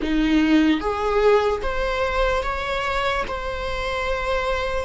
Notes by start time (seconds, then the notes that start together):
0.02 D#4
0.80 G#4
1.62 C5
2.43 C#5
3.27 C5